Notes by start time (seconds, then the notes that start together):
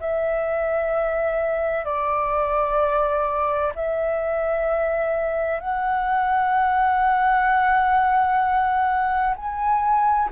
0.00 E5
1.85 D5
3.75 E5
5.60 F#5
9.36 G#5